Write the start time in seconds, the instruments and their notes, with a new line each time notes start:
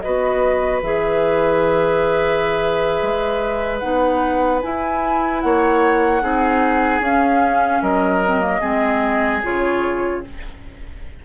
0.00 bassoon B3, clarinet F#4, oboe B4, flute D#5
0.82 bassoon E3, clarinet G#4, flute E5
3.02 bassoon G#3
3.79 bassoon B3, clarinet D#4, flute F#5
4.62 clarinet E4, bassoon E4, flute G#5
5.41 bassoon A#3, oboe C#5, flute F#5
6.21 bassoon C4, clarinet D#4, oboe G#4
7.00 bassoon C#4, clarinet C#4, flute F5
7.82 bassoon F#3, oboe A#4, flute D#5
8.25 clarinet C4
8.41 clarinet A#3
8.61 bassoon G#3, clarinet C4, oboe G#4
9.43 bassoon C#3, clarinet F4, flute C#5